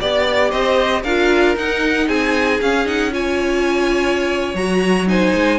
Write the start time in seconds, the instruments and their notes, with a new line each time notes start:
0.00 cello B3, viola G4, violin D5
0.50 cello C4, violin C5 D#5
1.03 cello D4, viola F4, violin A#4 F5
1.56 cello D#4, viola D#4, violin F#5
2.07 cello C4, violin G#4 G#5
2.61 cello C#4, viola C#4, violin F5
2.85 viola D#4, violin F#5
3.11 viola F4, violin C#5 G#5
4.54 cello F#3, viola F#4, violin A#5
5.07 viola D#4, violin C5 G#5
5.34 cello G#3